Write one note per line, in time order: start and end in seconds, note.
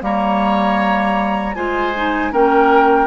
0.00 1.56 G3
0.00 1.54 A#3
0.00 1.56 C#5
0.00 1.55 A#5
1.55 2.33 G#3
1.55 1.94 F4
1.55 2.33 C5
1.55 2.32 G#5
1.97 2.32 D#4
2.32 3.08 A#3
2.32 3.08 C#4
2.32 3.08 A#4
2.32 3.08 G5